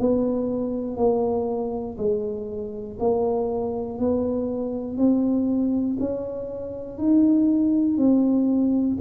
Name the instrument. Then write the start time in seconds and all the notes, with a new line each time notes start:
tuba
0.00 B3
0.97 A#3
1.98 G#3
3.00 A#3
3.99 B3
4.98 C4
6.00 C#4
6.98 D#4
7.98 C4